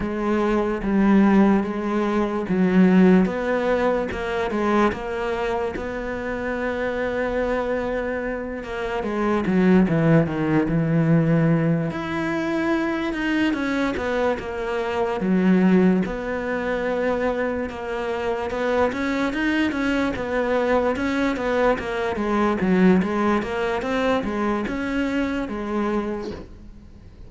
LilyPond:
\new Staff \with { instrumentName = "cello" } { \time 4/4 \tempo 4 = 73 gis4 g4 gis4 fis4 | b4 ais8 gis8 ais4 b4~ | b2~ b8 ais8 gis8 fis8 | e8 dis8 e4. e'4. |
dis'8 cis'8 b8 ais4 fis4 b8~ | b4. ais4 b8 cis'8 dis'8 | cis'8 b4 cis'8 b8 ais8 gis8 fis8 | gis8 ais8 c'8 gis8 cis'4 gis4 | }